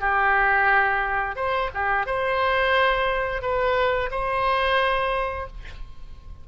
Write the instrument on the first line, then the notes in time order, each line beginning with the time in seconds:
oboe
0.00 G4
1.36 C5
1.74 G4
2.06 C5
3.42 B4
4.11 C5